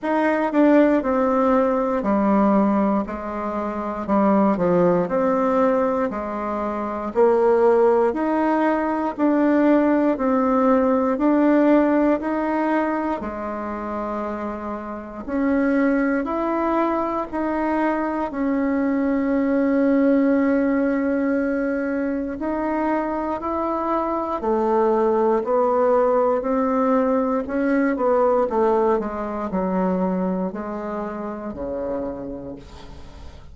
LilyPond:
\new Staff \with { instrumentName = "bassoon" } { \time 4/4 \tempo 4 = 59 dis'8 d'8 c'4 g4 gis4 | g8 f8 c'4 gis4 ais4 | dis'4 d'4 c'4 d'4 | dis'4 gis2 cis'4 |
e'4 dis'4 cis'2~ | cis'2 dis'4 e'4 | a4 b4 c'4 cis'8 b8 | a8 gis8 fis4 gis4 cis4 | }